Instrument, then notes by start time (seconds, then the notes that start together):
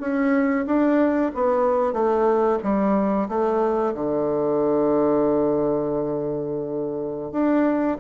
bassoon
0.00 C#4
0.66 D4
1.35 B3
1.93 A3
2.63 G3
3.28 A3
3.94 D3
7.32 D4